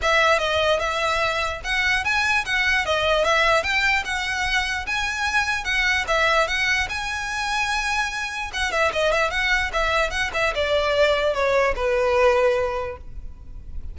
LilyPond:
\new Staff \with { instrumentName = "violin" } { \time 4/4 \tempo 4 = 148 e''4 dis''4 e''2 | fis''4 gis''4 fis''4 dis''4 | e''4 g''4 fis''2 | gis''2 fis''4 e''4 |
fis''4 gis''2.~ | gis''4 fis''8 e''8 dis''8 e''8 fis''4 | e''4 fis''8 e''8 d''2 | cis''4 b'2. | }